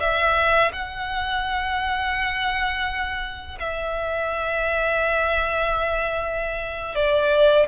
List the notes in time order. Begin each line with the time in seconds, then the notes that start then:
0.00 E5
0.72 F#5
3.59 E5
6.95 D5